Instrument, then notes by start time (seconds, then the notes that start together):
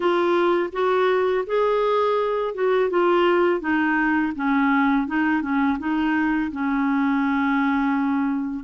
clarinet
0.00 F4
0.72 F#4
1.46 G#4
2.54 F#4
2.89 F4
3.60 D#4
4.35 C#4
5.07 D#4
5.42 C#4
5.78 D#4
6.51 C#4